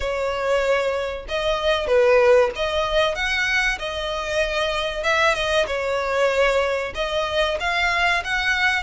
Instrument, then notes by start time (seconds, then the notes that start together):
violin
0.00 C#5
1.28 D#5
1.87 B4
2.55 D#5
3.15 F#5
3.79 D#5
5.03 E5
5.34 D#5
5.66 C#5
6.94 D#5
7.60 F5
8.23 F#5